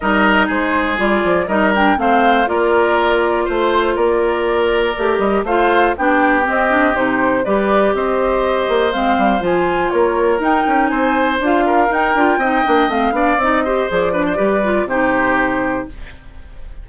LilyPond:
<<
  \new Staff \with { instrumentName = "flute" } { \time 4/4 \tempo 4 = 121 dis''4 c''4 d''4 dis''8 g''8 | f''4 d''2 c''4 | d''2~ d''8 dis''8 f''4 | g''4 dis''4 c''4 d''4 |
dis''2 f''4 gis''4 | cis''4 g''4 gis''4 f''4 | g''2 f''4 dis''4 | d''2 c''2 | }
  \new Staff \with { instrumentName = "oboe" } { \time 4/4 ais'4 gis'2 ais'4 | c''4 ais'2 c''4 | ais'2. c''4 | g'2. b'4 |
c''1 | ais'2 c''4. ais'8~ | ais'4 dis''4. d''4 c''8~ | c''8 b'16 c''16 b'4 g'2 | }
  \new Staff \with { instrumentName = "clarinet" } { \time 4/4 dis'2 f'4 dis'8 d'8 | c'4 f'2.~ | f'2 g'4 f'4 | d'4 c'8 d'8 dis'4 g'4~ |
g'2 c'4 f'4~ | f'4 dis'2 f'4 | dis'8 f'8 dis'8 d'8 c'8 d'8 dis'8 g'8 | gis'8 d'8 g'8 f'8 dis'2 | }
  \new Staff \with { instrumentName = "bassoon" } { \time 4/4 g4 gis4 g8 f8 g4 | a4 ais2 a4 | ais2 a8 g8 a4 | b4 c'4 c4 g4 |
c'4. ais8 gis8 g8 f4 | ais4 dis'8 cis'8 c'4 d'4 | dis'8 d'8 c'8 ais8 a8 b8 c'4 | f4 g4 c2 | }
>>